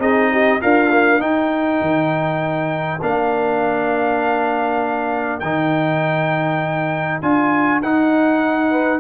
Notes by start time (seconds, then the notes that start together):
0.00 C4 D#4 G#4 D#5
0.32 G4
0.61 D4 F4 A#4 F5
0.90 A#3
1.20 D#4 A#4 G5
1.82 D#3
3.02 A#3 D4 F5
5.40 D#3 D#4 G5
7.22 D4 F4 G#5
7.82 D#4 F#5
8.71 B4